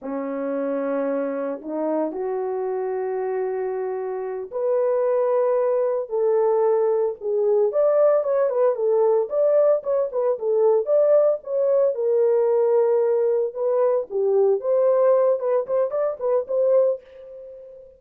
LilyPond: \new Staff \with { instrumentName = "horn" } { \time 4/4 \tempo 4 = 113 cis'2. dis'4 | fis'1~ | fis'8 b'2. a'8~ | a'4. gis'4 d''4 cis''8 |
b'8 a'4 d''4 cis''8 b'8 a'8~ | a'8 d''4 cis''4 ais'4.~ | ais'4. b'4 g'4 c''8~ | c''4 b'8 c''8 d''8 b'8 c''4 | }